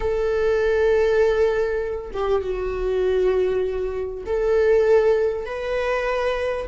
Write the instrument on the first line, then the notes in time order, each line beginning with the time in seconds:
viola
0.00 A4
2.13 G4
2.42 F#4
4.26 A4
5.45 B4